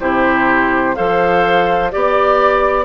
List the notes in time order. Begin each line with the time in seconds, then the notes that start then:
0.00 C3 E4 G4 C5
0.95 F3 A4 C5 F5
1.91 B3 G4 D5